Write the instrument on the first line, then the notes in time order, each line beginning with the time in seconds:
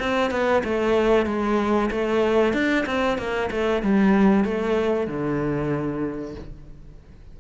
cello
0.00 C4
0.31 B3
0.65 A3
1.26 G#3
1.91 A3
2.54 D4
2.86 C4
3.18 A#3
3.51 A3
3.83 G3
4.45 A3
5.08 D3